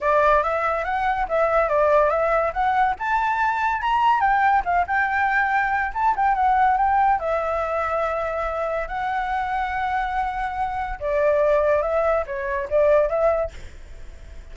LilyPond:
\new Staff \with { instrumentName = "flute" } { \time 4/4 \tempo 4 = 142 d''4 e''4 fis''4 e''4 | d''4 e''4 fis''4 a''4~ | a''4 ais''4 g''4 f''8 g''8~ | g''2 a''8 g''8 fis''4 |
g''4 e''2.~ | e''4 fis''2.~ | fis''2 d''2 | e''4 cis''4 d''4 e''4 | }